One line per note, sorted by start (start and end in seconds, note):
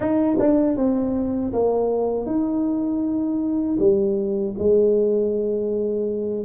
0.00 0.37 D#4
0.39 0.76 D4
0.76 1.52 C4
1.52 2.26 A#3
2.26 3.78 D#4
3.79 4.55 G3
4.58 6.45 G#3